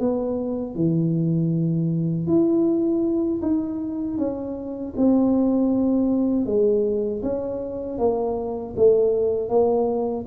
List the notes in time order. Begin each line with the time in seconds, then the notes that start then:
0.00 B3
0.75 E3
2.27 E4
3.42 D#4
4.18 C#4
4.97 C4
6.46 G#3
7.23 C#4
7.99 A#3
8.77 A3
9.49 A#3